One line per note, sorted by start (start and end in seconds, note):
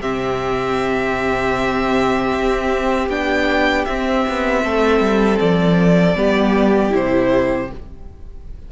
0.00 2.31 C3
0.00 3.09 C4
0.00 4.62 G4
0.00 3.09 E5
2.32 3.08 C4
3.08 3.85 B3
3.08 3.86 D4
3.08 3.84 G5
3.84 6.16 C4
3.84 4.26 C4
3.84 5.38 E5
4.28 4.64 B3
4.63 5.00 A3
4.63 6.17 A4
5.00 5.38 G3
5.39 6.15 F3
5.39 6.93 D5
6.15 6.92 G3
6.15 6.90 B3
6.15 7.71 G4
6.90 7.70 C3
6.90 7.67 E4
6.90 7.71 C5